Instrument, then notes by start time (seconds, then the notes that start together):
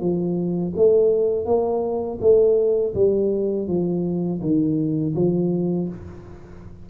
tuba
0.00 F3
0.76 A3
1.46 A#3
2.21 A3
2.94 G3
3.68 F3
4.41 D#3
5.15 F3